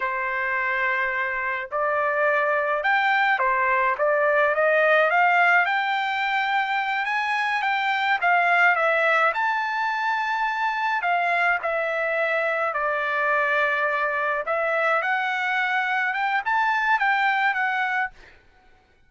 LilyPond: \new Staff \with { instrumentName = "trumpet" } { \time 4/4 \tempo 4 = 106 c''2. d''4~ | d''4 g''4 c''4 d''4 | dis''4 f''4 g''2~ | g''8 gis''4 g''4 f''4 e''8~ |
e''8 a''2. f''8~ | f''8 e''2 d''4.~ | d''4. e''4 fis''4.~ | fis''8 g''8 a''4 g''4 fis''4 | }